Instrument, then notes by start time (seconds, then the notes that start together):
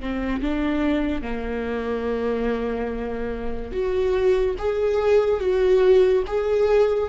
viola
0.00 C4
0.42 D4
1.22 A#3
3.72 F#4
4.58 G#4
5.40 F#4
6.27 G#4